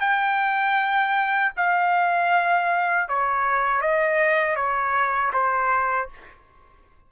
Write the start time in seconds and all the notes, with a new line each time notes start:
0.00 G5
1.57 F5
3.08 C#5
3.81 D#5
4.56 C#5
5.33 C5